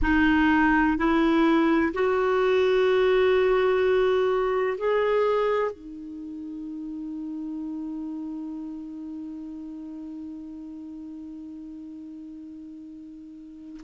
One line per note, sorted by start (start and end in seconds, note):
0.02 0.97 D#4
0.97 1.92 E4
1.93 4.77 F#4
4.77 5.71 G#4
5.71 13.81 D#4